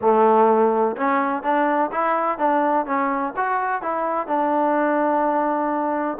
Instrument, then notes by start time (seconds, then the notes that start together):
trombone
0.01 A3
0.96 C#4
1.42 D4
1.91 E4
2.38 D4
2.86 C#4
3.36 F#4
3.82 E4
4.27 D4